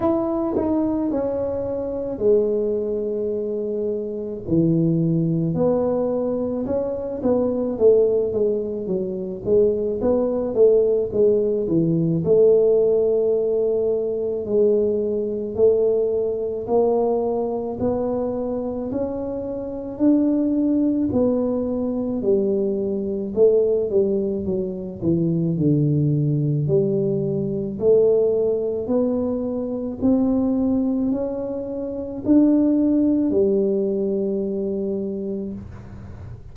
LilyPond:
\new Staff \with { instrumentName = "tuba" } { \time 4/4 \tempo 4 = 54 e'8 dis'8 cis'4 gis2 | e4 b4 cis'8 b8 a8 gis8 | fis8 gis8 b8 a8 gis8 e8 a4~ | a4 gis4 a4 ais4 |
b4 cis'4 d'4 b4 | g4 a8 g8 fis8 e8 d4 | g4 a4 b4 c'4 | cis'4 d'4 g2 | }